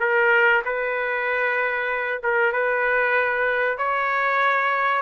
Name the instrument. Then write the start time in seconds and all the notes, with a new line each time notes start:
trumpet
0.00 A#4
0.65 B4
2.23 A#4
2.53 B4
3.78 C#5